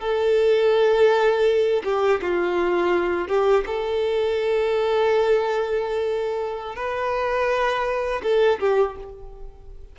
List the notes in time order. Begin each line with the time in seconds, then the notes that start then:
0.00 A4
1.84 G4
2.22 F4
3.28 G4
3.67 A4
6.75 B4
8.23 A4
8.60 G4